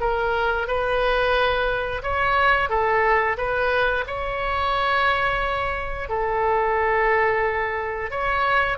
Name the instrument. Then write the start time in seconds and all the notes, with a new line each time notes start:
oboe
0.00 A#4
0.67 B4
2.02 C#5
2.69 A4
3.37 B4
4.07 C#5
6.09 A4
8.10 C#5